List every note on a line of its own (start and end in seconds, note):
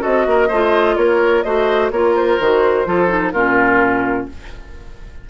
0.00 0.26 C4
0.00 0.47 F#4
0.00 0.24 A4
0.00 0.96 D#5
0.26 0.49 A#3
0.26 0.48 A#4
0.48 0.96 A3
0.48 1.44 F4
0.48 0.95 C5
0.96 1.43 A#3
0.96 1.44 A#4
0.96 1.42 C#5
1.42 1.90 A3
1.42 1.91 F#4
1.42 1.91 C5
1.42 1.90 D#5
1.90 2.38 A#3
1.90 2.41 F4
1.90 2.87 A#4
1.90 2.14 C#5
2.15 3.31 C5
2.39 2.86 D#3
2.39 2.85 F#4
2.85 3.32 F3
2.85 3.08 F4
2.85 3.32 A4
3.08 3.31 D#4
3.31 4.27 A#2
3.31 4.29 C#4
3.31 4.27 F4
3.31 4.26 A#4